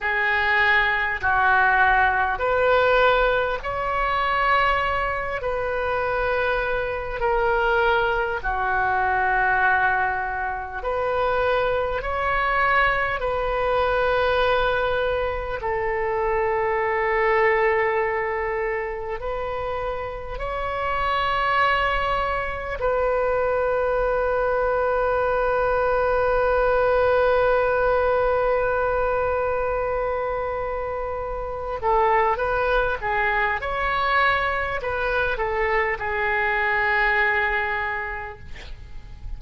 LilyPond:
\new Staff \with { instrumentName = "oboe" } { \time 4/4 \tempo 4 = 50 gis'4 fis'4 b'4 cis''4~ | cis''8 b'4. ais'4 fis'4~ | fis'4 b'4 cis''4 b'4~ | b'4 a'2. |
b'4 cis''2 b'4~ | b'1~ | b'2~ b'8 a'8 b'8 gis'8 | cis''4 b'8 a'8 gis'2 | }